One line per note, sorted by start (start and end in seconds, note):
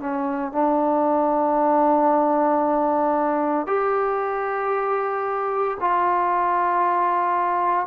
0.00 0.52 C#4
0.52 3.67 D4
3.67 5.78 G4
5.81 7.87 F4